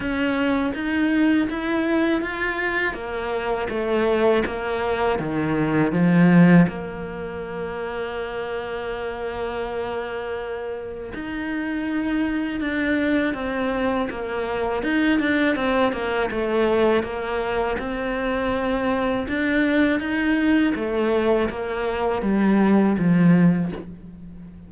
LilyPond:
\new Staff \with { instrumentName = "cello" } { \time 4/4 \tempo 4 = 81 cis'4 dis'4 e'4 f'4 | ais4 a4 ais4 dis4 | f4 ais2.~ | ais2. dis'4~ |
dis'4 d'4 c'4 ais4 | dis'8 d'8 c'8 ais8 a4 ais4 | c'2 d'4 dis'4 | a4 ais4 g4 f4 | }